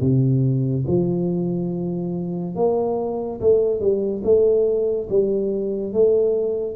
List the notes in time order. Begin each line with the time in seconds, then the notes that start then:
0.00 C3
0.87 F3
2.55 A#3
3.41 A3
3.80 G3
4.24 A3
5.10 G3
5.93 A3